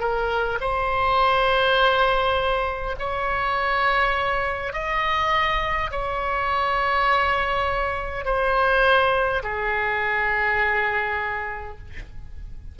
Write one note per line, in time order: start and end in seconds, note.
0.00 0.59 A#4
0.60 2.96 C5
2.99 4.73 C#5
4.73 5.90 D#5
5.91 8.25 C#5
8.25 9.43 C5
9.43 11.78 G#4